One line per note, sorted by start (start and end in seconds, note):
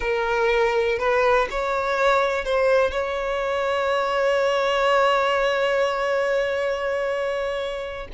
0.00 0.98 A#4
0.98 1.48 B4
1.50 2.44 C#5
2.44 2.91 C5
2.91 8.07 C#5